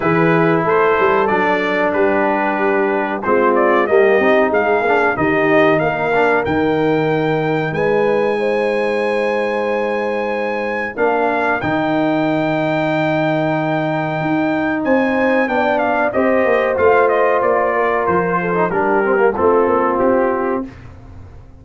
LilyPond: <<
  \new Staff \with { instrumentName = "trumpet" } { \time 4/4 \tempo 4 = 93 b'4 c''4 d''4 b'4~ | b'4 c''8 d''8 dis''4 f''4 | dis''4 f''4 g''2 | gis''1~ |
gis''4 f''4 g''2~ | g''2. gis''4 | g''8 f''8 dis''4 f''8 dis''8 d''4 | c''4 ais'4 a'4 g'4 | }
  \new Staff \with { instrumentName = "horn" } { \time 4/4 gis'4 a'2 g'4~ | g'4 f'4 g'4 gis'4 | g'4 ais'2. | b'4 c''2.~ |
c''4 ais'2.~ | ais'2. c''4 | d''4 c''2~ c''8 ais'8~ | ais'8 a'8 g'4 f'2 | }
  \new Staff \with { instrumentName = "trombone" } { \time 4/4 e'2 d'2~ | d'4 c'4 ais8 dis'4 d'8 | dis'4. d'8 dis'2~ | dis'1~ |
dis'4 d'4 dis'2~ | dis'1 | d'4 g'4 f'2~ | f'8. dis'16 d'8 c'16 ais16 c'2 | }
  \new Staff \with { instrumentName = "tuba" } { \time 4/4 e4 a8 g8 fis4 g4~ | g4 gis4 g8 c'8 gis8 ais8 | dis4 ais4 dis2 | gis1~ |
gis4 ais4 dis2~ | dis2 dis'4 c'4 | b4 c'8 ais8 a4 ais4 | f4 g4 a8 ais8 c'4 | }
>>